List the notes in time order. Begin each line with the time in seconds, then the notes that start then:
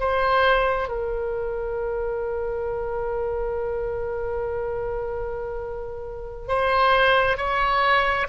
0.00 C5
0.89 A#4
6.48 C5
7.38 C#5